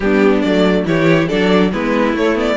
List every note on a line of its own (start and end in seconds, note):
0.00 0.43 G3
0.00 0.45 B3
0.00 0.87 D4
0.00 0.41 G4
0.41 0.85 F#3
0.41 0.85 A3
0.41 0.84 D5
0.85 1.28 E3
0.85 1.28 E4
0.85 1.28 G4
0.85 1.28 C#5
1.28 1.73 F#3
1.28 1.71 D4
1.28 1.71 A4
1.28 1.71 D5
1.72 2.13 G#3
1.72 2.15 B3
1.72 2.57 E4
1.72 2.16 B4
2.13 2.56 A3
2.13 2.34 A3
2.13 2.38 C#5
2.34 2.55 B3
2.34 2.57 D5